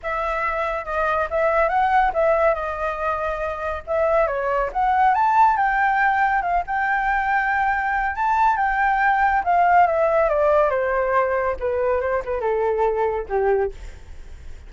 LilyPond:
\new Staff \with { instrumentName = "flute" } { \time 4/4 \tempo 4 = 140 e''2 dis''4 e''4 | fis''4 e''4 dis''2~ | dis''4 e''4 cis''4 fis''4 | a''4 g''2 f''8 g''8~ |
g''2. a''4 | g''2 f''4 e''4 | d''4 c''2 b'4 | c''8 b'8 a'2 g'4 | }